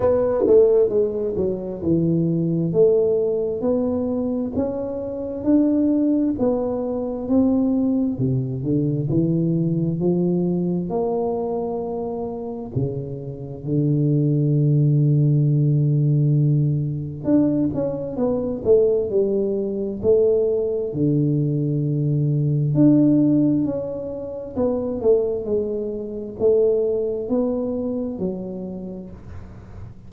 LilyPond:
\new Staff \with { instrumentName = "tuba" } { \time 4/4 \tempo 4 = 66 b8 a8 gis8 fis8 e4 a4 | b4 cis'4 d'4 b4 | c'4 c8 d8 e4 f4 | ais2 cis4 d4~ |
d2. d'8 cis'8 | b8 a8 g4 a4 d4~ | d4 d'4 cis'4 b8 a8 | gis4 a4 b4 fis4 | }